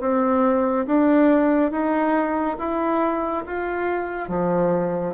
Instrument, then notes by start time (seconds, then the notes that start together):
bassoon
0.00 C4
0.86 D4
1.71 D#4
2.58 E4
3.46 F4
4.28 F3